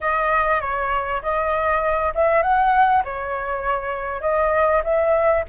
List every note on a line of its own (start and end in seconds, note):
0.00 0.61 D#5
0.61 1.21 C#5
1.22 2.13 D#5
2.14 2.42 E5
2.42 3.03 F#5
3.04 4.21 C#5
4.21 4.82 D#5
4.83 5.44 E5